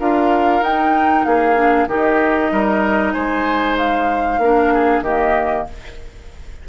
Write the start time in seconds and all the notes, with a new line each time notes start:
0.00 D4 F4 A#4 F5
0.61 D#4 G5
1.25 A#3 G#4 F5
1.56 D4
1.87 D#3 D#4 G4 D#5
2.51 G3 A#4
3.13 G#3 C5 G#5
3.78 F5
4.39 A#3 D4 A#4
4.74 G#4
5.01 D#3 A#3 G4 D#5